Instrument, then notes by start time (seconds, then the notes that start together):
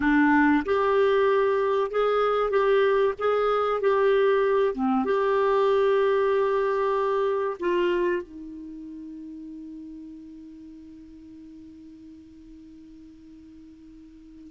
clarinet
0.00 D4
0.65 G4
1.90 G#4
2.50 G4
3.18 G#4
3.81 G4
4.74 C4
5.04 G4
7.59 F4
8.22 D#4